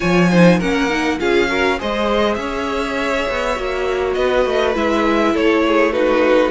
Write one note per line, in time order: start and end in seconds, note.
0.00 0.60 F3
0.00 0.29 F4
0.00 0.30 C#5
0.00 0.60 G#5
0.30 0.60 D#4
0.30 0.57 C5
0.57 1.19 A#3
0.57 0.89 C#4
0.57 1.17 A#4
0.57 1.19 F#5
0.89 1.19 D#4
1.19 1.80 C#4
1.19 1.48 F4
1.19 1.49 G#4
1.19 1.79 F5
1.48 1.78 F#4
1.48 1.79 A#4
1.78 2.37 G#3
1.78 3.55 G#4
1.78 2.39 C5
1.78 2.34 D#5
2.34 3.26 C#4
2.34 4.15 C#5
2.34 4.12 E5
3.28 3.58 B3
3.55 4.16 A#3
3.55 4.74 F#4
4.13 4.45 B3
4.13 5.33 B4
4.13 4.73 D#5
4.45 4.75 A3
4.74 5.34 G#3
4.74 5.93 E4
4.74 5.36 E5
5.33 6.50 A3
5.33 5.62 A4
5.33 5.92 C#5
5.66 5.92 G#4
5.92 6.50 D#4
5.92 6.50 F#4
5.92 6.50 B4